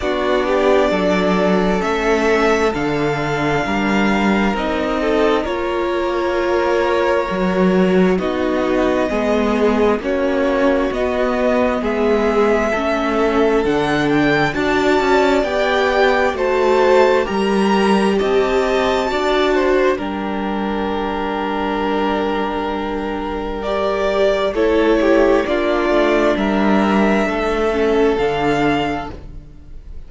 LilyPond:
<<
  \new Staff \with { instrumentName = "violin" } { \time 4/4 \tempo 4 = 66 d''2 e''4 f''4~ | f''4 dis''4 cis''2~ | cis''4 dis''2 cis''4 | dis''4 e''2 fis''8 g''8 |
a''4 g''4 a''4 ais''4 | a''2 g''2~ | g''2 d''4 cis''4 | d''4 e''2 f''4 | }
  \new Staff \with { instrumentName = "violin" } { \time 4/4 fis'8 g'8 a'2. | ais'4. a'8 ais'2~ | ais'4 fis'4 gis'4 fis'4~ | fis'4 gis'4 a'2 |
d''2 c''4 ais'4 | dis''4 d''8 c''8 ais'2~ | ais'2. a'8 g'8 | f'4 ais'4 a'2 | }
  \new Staff \with { instrumentName = "viola" } { \time 4/4 d'2 cis'4 d'4~ | d'4 dis'4 f'2 | fis'4 dis'4 b4 cis'4 | b2 cis'4 d'4 |
fis'4 g'4 fis'4 g'4~ | g'4 fis'4 d'2~ | d'2 g'4 e'4 | d'2~ d'8 cis'8 d'4 | }
  \new Staff \with { instrumentName = "cello" } { \time 4/4 b4 fis4 a4 d4 | g4 c'4 ais2 | fis4 b4 gis4 ais4 | b4 gis4 a4 d4 |
d'8 cis'8 b4 a4 g4 | c'4 d'4 g2~ | g2. a4 | ais8 a8 g4 a4 d4 | }
>>